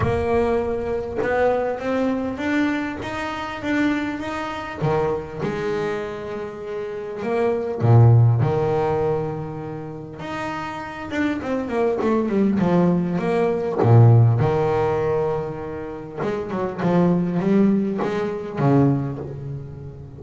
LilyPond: \new Staff \with { instrumentName = "double bass" } { \time 4/4 \tempo 4 = 100 ais2 b4 c'4 | d'4 dis'4 d'4 dis'4 | dis4 gis2. | ais4 ais,4 dis2~ |
dis4 dis'4. d'8 c'8 ais8 | a8 g8 f4 ais4 ais,4 | dis2. gis8 fis8 | f4 g4 gis4 cis4 | }